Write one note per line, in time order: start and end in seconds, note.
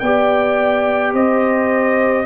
0.00 1.14 B3
0.00 2.26 G4
0.00 1.14 D5
0.00 1.13 G5
1.14 2.26 C4
1.14 2.26 C5
1.14 2.26 D#5